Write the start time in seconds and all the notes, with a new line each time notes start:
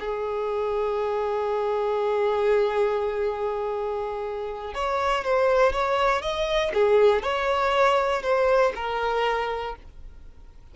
0.00 G#4
4.75 C#5
5.24 C5
5.73 C#5
6.22 D#5
6.74 G#4
7.23 C#5
8.23 C5
8.76 A#4